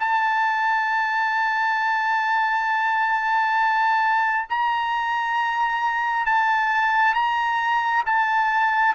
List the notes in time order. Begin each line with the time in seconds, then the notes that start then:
0.00 A5
4.50 A#5
6.26 A5
7.15 A#5
8.06 A5